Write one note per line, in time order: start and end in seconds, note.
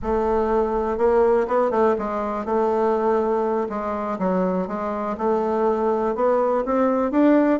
0.02 0.97 A3
0.97 1.46 A#3
1.47 1.71 B3
1.71 1.95 A3
1.98 2.45 G#3
2.45 3.68 A3
3.69 4.18 G#3
4.18 4.67 F#3
4.67 5.16 G#3
5.17 6.15 A3
6.15 6.64 B3
6.65 7.11 C4
7.11 7.60 D4